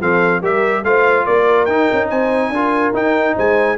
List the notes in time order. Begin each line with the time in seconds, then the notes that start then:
0.00 F3 C4 A4 F5
0.41 G3 G4 A#4 E5
0.83 A3 F4 C5 F5
1.25 A#3 A#4 D5
1.65 D#4 G5
1.92 C#4
2.09 C4 C5 G#5
2.50 D4 F4 A#4
2.93 D#4 G5
3.35 G#3 C5 G#5